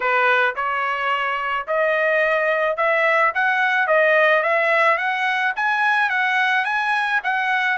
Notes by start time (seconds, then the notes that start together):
0.00 B4
0.55 C#5
1.67 D#5
2.76 E5
3.34 F#5
3.87 D#5
4.43 E5
4.97 F#5
5.56 G#5
6.09 F#5
6.64 G#5
7.23 F#5